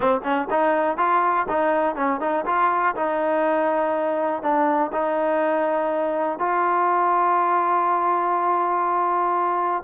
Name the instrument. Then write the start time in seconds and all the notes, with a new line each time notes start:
trombone
0.00 C4
0.23 C#4
0.50 D#4
0.97 F4
1.48 D#4
1.95 C#4
2.20 D#4
2.46 F4
2.95 D#4
4.42 D4
4.92 D#4
6.38 F4